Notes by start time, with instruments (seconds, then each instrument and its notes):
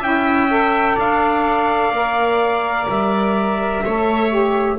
0.00 double bass C#4, saxophone E4, viola E5, trumpet G5
0.51 saxophone A4
0.96 double bass D4, viola D5, trumpet F5
1.92 double bass A#3, saxophone A#4
2.89 double bass G3, trumpet E5
3.86 double bass A3, saxophone A4, viola C#5
4.29 saxophone G4